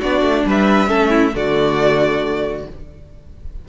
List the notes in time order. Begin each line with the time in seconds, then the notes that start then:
0.00 B3 D4 F#4 D5
0.22 A3
0.46 G3 B4 E5
0.88 A3 C#4 A4
1.10 E4
1.33 D3 A3 F#4 D5